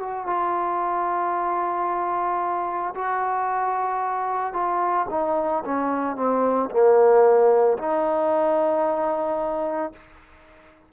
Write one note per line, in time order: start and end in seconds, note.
0.00 0.26 F#4
0.26 2.94 F4
2.95 4.53 F#4
4.53 5.06 F4
5.10 5.63 D#4
5.65 6.16 C#4
6.16 6.70 C4
6.71 7.78 A#3
7.78 9.93 D#4